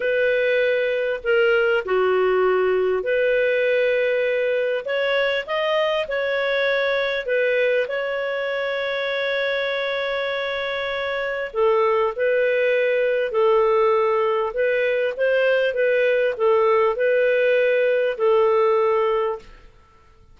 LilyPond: \new Staff \with { instrumentName = "clarinet" } { \time 4/4 \tempo 4 = 99 b'2 ais'4 fis'4~ | fis'4 b'2. | cis''4 dis''4 cis''2 | b'4 cis''2.~ |
cis''2. a'4 | b'2 a'2 | b'4 c''4 b'4 a'4 | b'2 a'2 | }